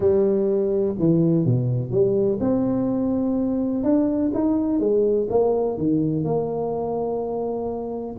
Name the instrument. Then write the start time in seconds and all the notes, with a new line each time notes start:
tuba
0.00 G3
0.99 E3
1.45 B2
1.90 G3
2.40 C4
3.83 D4
4.34 D#4
4.79 G#3
5.29 A#3
5.77 D#3
6.24 A#3